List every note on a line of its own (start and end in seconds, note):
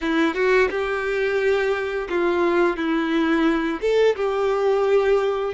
0.01 0.34 E4
0.34 0.68 F#4
0.70 2.08 G4
2.09 2.76 F4
2.76 3.80 E4
3.81 4.15 A4
4.15 5.53 G4